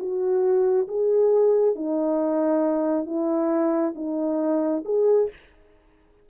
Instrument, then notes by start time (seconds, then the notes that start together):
horn
0.00 F#4
0.88 G#4
1.76 D#4
3.06 E4
3.96 D#4
4.86 G#4